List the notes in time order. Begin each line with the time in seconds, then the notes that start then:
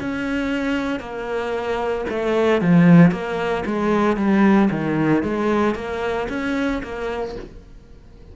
0.00 C#4
1.00 A#3
2.10 A3
2.62 F3
3.11 A#3
3.66 G#3
4.17 G3
4.71 D#3
5.23 G#3
5.75 A#3
6.29 C#4
6.83 A#3